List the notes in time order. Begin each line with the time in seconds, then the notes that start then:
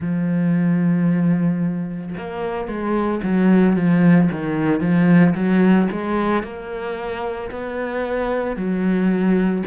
0.00 F3
2.17 A#3
2.67 G#3
3.23 F#3
3.75 F3
4.31 D#3
4.80 F3
5.34 F#3
5.91 G#3
6.43 A#3
7.50 B3
8.56 F#3